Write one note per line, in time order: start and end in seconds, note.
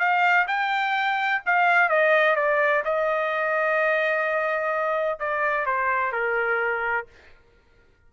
0.00 0.47 F5
0.48 1.43 G5
1.46 1.89 F5
1.89 2.36 D#5
2.36 2.84 D5
2.85 5.20 D#5
5.20 5.66 D5
5.66 6.13 C5
6.13 7.07 A#4